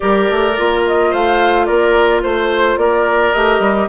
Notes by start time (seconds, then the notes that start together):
0.00 G3 G4 A#4 D5
0.30 A3
0.57 A#3 F4
0.86 D#5
1.10 A3 C5 F5
1.65 A#3 A#4 D5
2.22 A3 C5
2.76 A#3 A#4 D5
3.32 A3 G4 D#5
3.59 G3